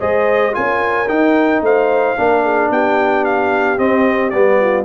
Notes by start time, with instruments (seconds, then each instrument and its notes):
0.00 tuba G#3, trombone G#4, horn C5, trumpet D#5
0.52 tuba C#4, trombone F4, horn A#4, trumpet G#5
1.08 trombone D#4, tuba D#4, trumpet G5
1.61 tuba A3, horn C5, trumpet F5
2.16 tuba A#3, trombone D4, horn A#4
2.43 horn G#4
2.70 tuba B3, horn G4, trumpet G5
3.24 trumpet F5
3.77 trombone C4, tuba C4, trumpet D#5
4.29 tuba G3, trombone B3, trumpet D5
4.60 horn F4